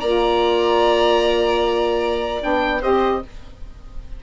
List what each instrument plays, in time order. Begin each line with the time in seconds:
0.00 bassoon A#3, saxophone F4, violin D5, oboe A#5
2.41 bassoon B3, saxophone D4, oboe G5
2.81 bassoon C4, saxophone G4, violin C5, oboe D#5